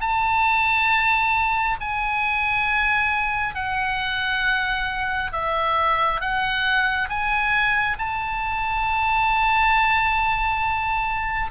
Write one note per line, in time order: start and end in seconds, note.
0.00 1.76 A5
1.80 3.55 G#5
3.55 5.31 F#5
5.32 6.20 E5
6.20 7.09 F#5
7.09 7.97 G#5
7.99 11.51 A5